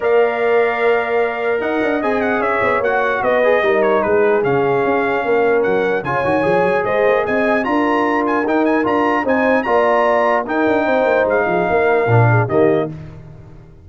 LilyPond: <<
  \new Staff \with { instrumentName = "trumpet" } { \time 4/4 \tempo 4 = 149 f''1 | fis''4 gis''8 fis''8 e''4 fis''4 | dis''4. cis''8 b'4 f''4~ | f''2 fis''4 gis''4~ |
gis''4 dis''4 gis''4 ais''4~ | ais''8 gis''8 g''8 gis''8 ais''4 gis''4 | ais''2 g''2 | f''2. dis''4 | }
  \new Staff \with { instrumentName = "horn" } { \time 4/4 d''1 | dis''2 cis''2 | b'4 ais'4 gis'2~ | gis'4 ais'2 cis''4~ |
cis''4 c''4 dis''4 ais'4~ | ais'2. c''4 | d''2 ais'4 c''4~ | c''8 gis'8 ais'4. gis'8 g'4 | }
  \new Staff \with { instrumentName = "trombone" } { \time 4/4 ais'1~ | ais'4 gis'2 fis'4~ | fis'8 gis'8 dis'2 cis'4~ | cis'2. f'8 fis'8 |
gis'2. f'4~ | f'4 dis'4 f'4 dis'4 | f'2 dis'2~ | dis'2 d'4 ais4 | }
  \new Staff \with { instrumentName = "tuba" } { \time 4/4 ais1 | dis'8 d'8 c'4 cis'8 b8 ais4 | b4 g4 gis4 cis4 | cis'4 ais4 fis4 cis8 dis8 |
f8 fis8 gis8 ais8 c'4 d'4~ | d'4 dis'4 d'4 c'4 | ais2 dis'8 d'8 c'8 ais8 | gis8 f8 ais4 ais,4 dis4 | }
>>